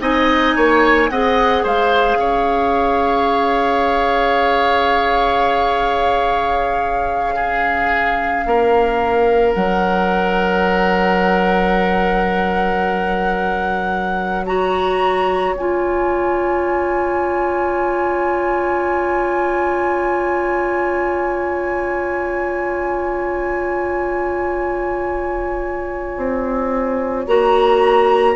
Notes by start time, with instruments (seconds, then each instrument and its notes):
0.00 bassoon C4, clarinet D#4, oboe D#5, flute G#5
0.55 bassoon A#3, oboe C#5
1.10 bassoon C4, clarinet G#4, oboe D#5, flute F#5
1.63 bassoon G#3, oboe C5, flute F5
2.14 bassoon C#4, oboe C#5
7.35 clarinet C#4, oboe G#4
8.46 bassoon A#3, oboe A#4
9.54 bassoon F#3, flute F#5
14.44 clarinet F#4, oboe C#5, flute A#5
15.54 bassoon C#4, clarinet F4, flute G#5
26.16 bassoon C4
27.27 bassoon A#3, clarinet F#4, flute A#5